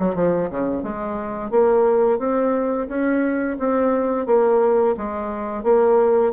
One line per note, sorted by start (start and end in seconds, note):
0.00 0.15 F#3
0.15 0.50 F3
0.50 0.83 C#3
0.83 1.51 G#3
1.51 2.19 A#3
2.19 2.88 C4
2.88 3.57 C#4
3.59 4.27 C4
4.27 4.96 A#3
4.97 5.64 G#3
5.64 6.33 A#3